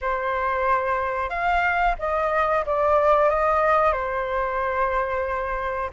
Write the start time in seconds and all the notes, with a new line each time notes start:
0.01 C5
1.29 F5
1.98 D#5
2.66 D5
3.29 D#5
3.92 C5